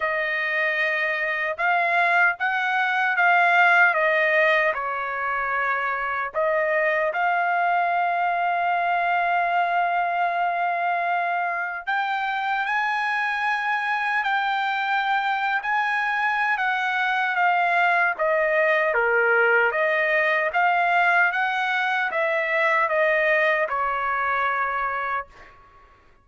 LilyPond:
\new Staff \with { instrumentName = "trumpet" } { \time 4/4 \tempo 4 = 76 dis''2 f''4 fis''4 | f''4 dis''4 cis''2 | dis''4 f''2.~ | f''2. g''4 |
gis''2 g''4.~ g''16 gis''16~ | gis''4 fis''4 f''4 dis''4 | ais'4 dis''4 f''4 fis''4 | e''4 dis''4 cis''2 | }